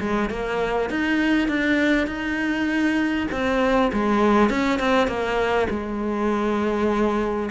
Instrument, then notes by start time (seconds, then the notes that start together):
cello
0.00 G#3
0.30 A#3
0.90 D#4
1.49 D4
2.08 D#4
3.32 C4
3.93 G#3
4.50 C#4
4.80 C4
5.08 A#3
5.70 G#3